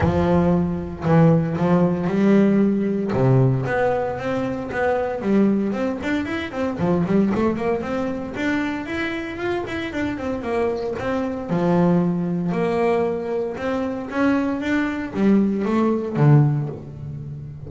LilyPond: \new Staff \with { instrumentName = "double bass" } { \time 4/4 \tempo 4 = 115 f2 e4 f4 | g2 c4 b4 | c'4 b4 g4 c'8 d'8 | e'8 c'8 f8 g8 a8 ais8 c'4 |
d'4 e'4 f'8 e'8 d'8 c'8 | ais4 c'4 f2 | ais2 c'4 cis'4 | d'4 g4 a4 d4 | }